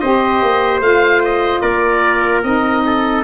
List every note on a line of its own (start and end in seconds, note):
0.00 0.42 C4
0.00 0.81 G4
0.00 1.61 C5
0.00 0.81 D#5
0.42 0.80 A#3
0.80 1.61 A3
0.80 2.43 F4
0.80 1.22 F5
1.25 1.60 D#5
1.60 2.43 A#3
1.60 2.83 A#4
1.60 2.41 D5
2.43 3.24 C4
2.43 3.24 D#4
2.43 3.24 D#5
2.86 3.24 A4